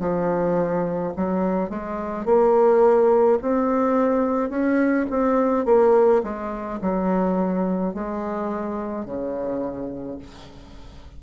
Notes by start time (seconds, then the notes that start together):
0.00 F3
1.17 F#3
1.70 G#3
2.25 A#3
3.42 C4
4.50 C#4
5.10 C4
5.66 A#3
6.23 G#3
6.81 F#3
7.94 G#3
9.06 C#3